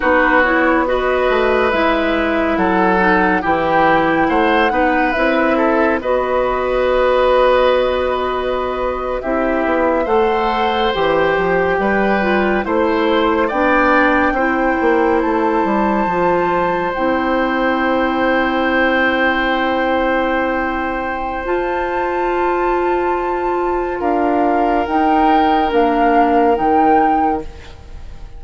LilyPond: <<
  \new Staff \with { instrumentName = "flute" } { \time 4/4 \tempo 4 = 70 b'8 cis''8 dis''4 e''4 fis''4 | g''4 fis''4 e''4 dis''4~ | dis''2~ dis''8. e''4 fis''16~ | fis''8. g''2 c''4 g''16~ |
g''4.~ g''16 a''2 g''16~ | g''1~ | g''4 a''2. | f''4 g''4 f''4 g''4 | }
  \new Staff \with { instrumentName = "oboe" } { \time 4/4 fis'4 b'2 a'4 | g'4 c''8 b'4 a'8 b'4~ | b'2~ b'8. g'4 c''16~ | c''4.~ c''16 b'4 c''4 d''16~ |
d''8. c''2.~ c''16~ | c''1~ | c''1 | ais'1 | }
  \new Staff \with { instrumentName = "clarinet" } { \time 4/4 dis'8 e'8 fis'4 e'4. dis'8 | e'4. dis'8 e'4 fis'4~ | fis'2~ fis'8. e'4 a'16~ | a'8. g'4. f'8 e'4 d'16~ |
d'8. e'2 f'4 e'16~ | e'1~ | e'4 f'2.~ | f'4 dis'4 d'4 dis'4 | }
  \new Staff \with { instrumentName = "bassoon" } { \time 4/4 b4. a8 gis4 fis4 | e4 a8 b8 c'4 b4~ | b2~ b8. c'8 b8 a16~ | a8. e8 f8 g4 a4 b16~ |
b8. c'8 ais8 a8 g8 f4 c'16~ | c'1~ | c'4 f'2. | d'4 dis'4 ais4 dis4 | }
>>